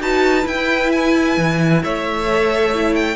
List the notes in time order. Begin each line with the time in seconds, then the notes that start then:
0.00 D#4 F#4 B4 A5
0.43 E4 G5
0.91 G#5
1.37 E3
1.84 A3 C#5 E5
2.29 A4
2.74 E4
2.95 G5